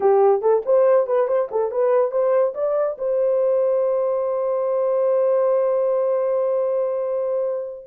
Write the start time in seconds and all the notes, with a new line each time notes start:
0.00 G4
0.41 A4
0.65 C5
1.07 B4
1.27 C5
1.51 A4
1.71 B4
2.11 C5
2.54 D5
2.98 C5